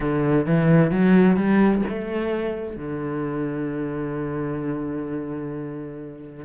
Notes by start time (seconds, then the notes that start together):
0.00 D3
0.46 E3
0.91 F#3
1.36 G3
1.88 A3
2.76 D3